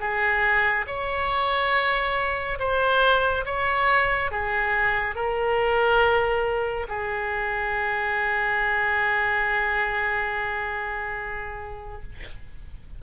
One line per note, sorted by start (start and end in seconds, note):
0.00 0.86 G#4
0.87 2.59 C#5
2.59 3.45 C5
3.46 4.31 C#5
4.32 5.15 G#4
5.15 6.87 A#4
6.88 12.03 G#4